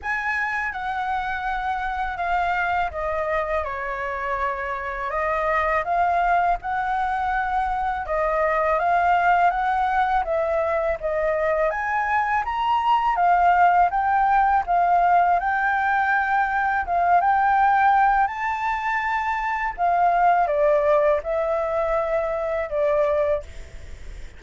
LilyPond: \new Staff \with { instrumentName = "flute" } { \time 4/4 \tempo 4 = 82 gis''4 fis''2 f''4 | dis''4 cis''2 dis''4 | f''4 fis''2 dis''4 | f''4 fis''4 e''4 dis''4 |
gis''4 ais''4 f''4 g''4 | f''4 g''2 f''8 g''8~ | g''4 a''2 f''4 | d''4 e''2 d''4 | }